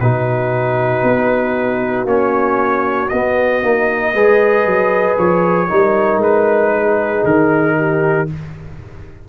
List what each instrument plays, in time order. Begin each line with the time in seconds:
0.00 tuba B2, trombone D#4, horn F#4, trumpet B4
1.03 tuba B3
2.05 tuba A#3, trombone C#4, trumpet C#5
3.09 trombone B3, tuba B3, trumpet D#5
3.63 tuba A#3, trombone D#4
4.13 tuba G#3, trombone G#4, horn B4
4.66 tuba F#3
5.18 tuba F3, trumpet C#5
5.69 tuba G3, trombone D#4, horn A#4
6.17 tuba G#3, trumpet B4
6.73 horn G#4
7.24 tuba D#3, trumpet A#4
7.77 horn G4